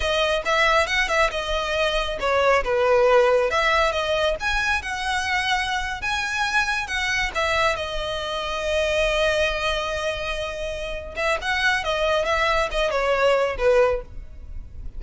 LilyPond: \new Staff \with { instrumentName = "violin" } { \time 4/4 \tempo 4 = 137 dis''4 e''4 fis''8 e''8 dis''4~ | dis''4 cis''4 b'2 | e''4 dis''4 gis''4 fis''4~ | fis''4.~ fis''16 gis''2 fis''16~ |
fis''8. e''4 dis''2~ dis''16~ | dis''1~ | dis''4. e''8 fis''4 dis''4 | e''4 dis''8 cis''4. b'4 | }